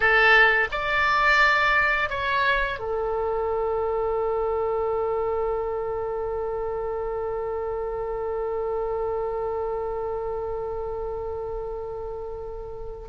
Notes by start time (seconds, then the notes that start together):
0.00 A4
0.71 D5
2.09 C#5
2.79 A4